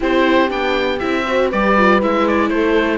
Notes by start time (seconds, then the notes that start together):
0.00 C4 E4 G4 C5
0.48 B3 D4 G5
0.99 C4 E4 E5
1.23 F#4 C5
1.49 G3 G4 B4 D5
1.77 F4
2.01 G#3 E4 E5
2.27 D5
2.49 A3 A4 C5